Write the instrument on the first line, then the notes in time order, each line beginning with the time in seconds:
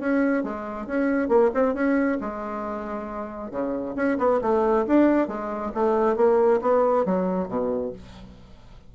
bassoon
0.00 C#4
0.44 G#3
0.87 C#4
1.29 A#3
1.55 C4
1.74 C#4
2.21 G#3
3.51 C#3
3.96 C#4
4.19 B3
4.42 A3
4.87 D4
5.28 G#3
5.74 A3
6.16 A#3
6.62 B3
7.05 F#3
7.48 B2